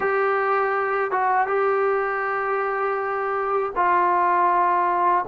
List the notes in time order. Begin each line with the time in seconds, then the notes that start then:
0.00 G4
1.11 F#4
1.47 G4
3.75 F4